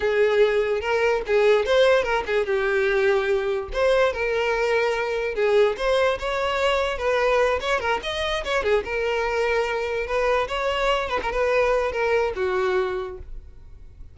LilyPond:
\new Staff \with { instrumentName = "violin" } { \time 4/4 \tempo 4 = 146 gis'2 ais'4 gis'4 | c''4 ais'8 gis'8 g'2~ | g'4 c''4 ais'2~ | ais'4 gis'4 c''4 cis''4~ |
cis''4 b'4. cis''8 ais'8 dis''8~ | dis''8 cis''8 gis'8 ais'2~ ais'8~ | ais'8 b'4 cis''4. b'16 ais'16 b'8~ | b'4 ais'4 fis'2 | }